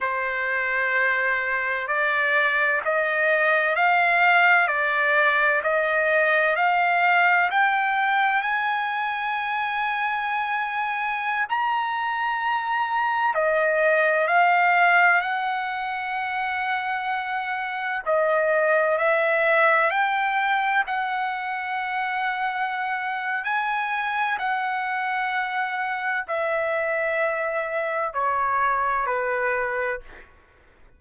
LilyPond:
\new Staff \with { instrumentName = "trumpet" } { \time 4/4 \tempo 4 = 64 c''2 d''4 dis''4 | f''4 d''4 dis''4 f''4 | g''4 gis''2.~ | gis''16 ais''2 dis''4 f''8.~ |
f''16 fis''2. dis''8.~ | dis''16 e''4 g''4 fis''4.~ fis''16~ | fis''4 gis''4 fis''2 | e''2 cis''4 b'4 | }